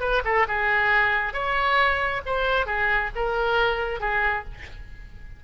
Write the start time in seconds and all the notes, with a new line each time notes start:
0.00 B4
0.24 A4
0.47 G#4
1.33 C#5
2.25 C5
2.66 G#4
3.15 A#4
4.00 G#4